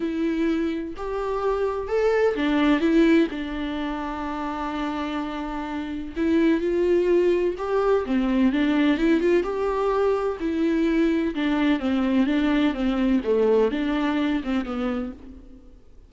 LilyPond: \new Staff \with { instrumentName = "viola" } { \time 4/4 \tempo 4 = 127 e'2 g'2 | a'4 d'4 e'4 d'4~ | d'1~ | d'4 e'4 f'2 |
g'4 c'4 d'4 e'8 f'8 | g'2 e'2 | d'4 c'4 d'4 c'4 | a4 d'4. c'8 b4 | }